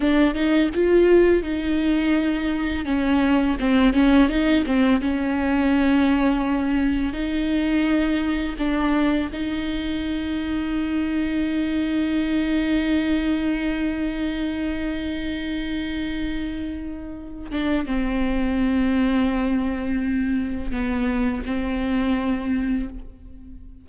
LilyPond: \new Staff \with { instrumentName = "viola" } { \time 4/4 \tempo 4 = 84 d'8 dis'8 f'4 dis'2 | cis'4 c'8 cis'8 dis'8 c'8 cis'4~ | cis'2 dis'2 | d'4 dis'2.~ |
dis'1~ | dis'1~ | dis'8 d'8 c'2.~ | c'4 b4 c'2 | }